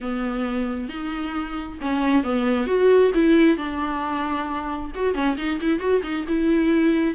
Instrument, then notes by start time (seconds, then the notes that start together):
viola
0.00 B3
0.88 D#4
1.81 C#4
2.23 B3
2.66 F#4
3.14 E4
3.57 D4
4.95 F#4
5.14 C#4
5.37 D#4
5.61 E4
5.79 F#4
6.02 D#4
6.28 E4